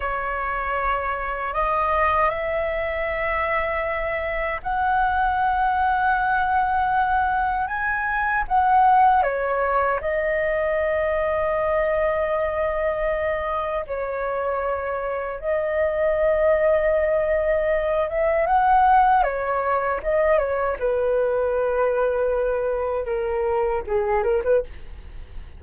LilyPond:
\new Staff \with { instrumentName = "flute" } { \time 4/4 \tempo 4 = 78 cis''2 dis''4 e''4~ | e''2 fis''2~ | fis''2 gis''4 fis''4 | cis''4 dis''2.~ |
dis''2 cis''2 | dis''2.~ dis''8 e''8 | fis''4 cis''4 dis''8 cis''8 b'4~ | b'2 ais'4 gis'8 ais'16 b'16 | }